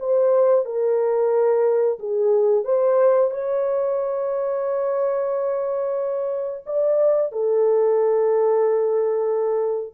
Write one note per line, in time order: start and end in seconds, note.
0.00 0.66 C5
0.66 1.99 A#4
1.99 2.65 G#4
2.65 3.31 C5
3.31 6.64 C#5
6.66 7.32 D5
7.32 9.94 A4